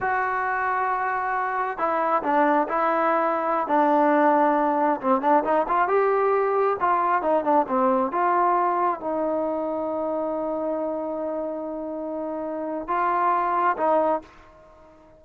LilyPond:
\new Staff \with { instrumentName = "trombone" } { \time 4/4 \tempo 4 = 135 fis'1 | e'4 d'4 e'2~ | e'16 d'2. c'8 d'16~ | d'16 dis'8 f'8 g'2 f'8.~ |
f'16 dis'8 d'8 c'4 f'4.~ f'16~ | f'16 dis'2.~ dis'8.~ | dis'1~ | dis'4 f'2 dis'4 | }